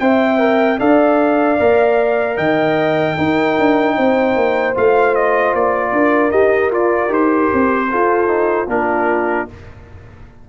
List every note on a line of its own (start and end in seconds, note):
0.00 0.79 C4
0.00 0.39 C5
0.00 0.79 E5
0.00 0.79 G5
0.39 0.78 A#4
0.79 1.59 D4
0.79 1.58 A4
0.79 2.37 D5
0.79 2.37 F5
1.60 2.38 A#3
1.60 3.17 A#4
2.37 3.17 D#3
2.37 3.16 D#5
2.37 4.74 G5
3.17 4.75 D#4
3.17 3.58 D#4
3.17 3.96 A#4
3.59 3.98 D4
3.96 4.36 C4
3.96 5.93 C5
4.36 4.75 A#3
4.75 5.54 A3
4.75 6.32 F4
4.75 5.15 F5
5.15 5.54 D#5
5.54 5.92 A#3
5.54 6.31 D5
5.92 6.32 D4
5.92 7.90 A#4
6.31 6.71 D#4
6.31 6.71 G4
6.31 6.71 D#5
6.71 7.09 F4
6.71 7.08 F4
6.71 7.13 D5
7.08 7.49 D#4
7.08 7.87 G4
7.08 8.70 C5
7.53 7.93 C4
7.90 8.27 F4
7.90 8.68 F4
7.90 8.69 A4
8.27 8.67 D#4
8.68 9.47 A#3
8.68 9.48 D4
8.68 9.48 F4
8.68 9.49 A#4